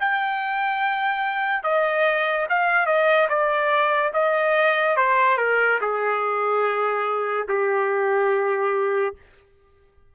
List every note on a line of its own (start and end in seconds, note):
0.00 1.64 G5
1.64 2.47 D#5
2.50 2.87 F5
2.87 3.28 D#5
3.29 4.12 D5
4.14 4.97 D#5
4.97 5.37 C5
5.37 5.79 A#4
5.81 7.48 G#4
7.48 9.15 G4